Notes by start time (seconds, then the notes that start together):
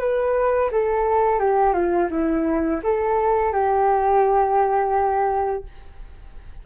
0.00 B4
0.72 A4
1.40 G4
1.74 F4
2.11 E4
2.84 A4
3.53 G4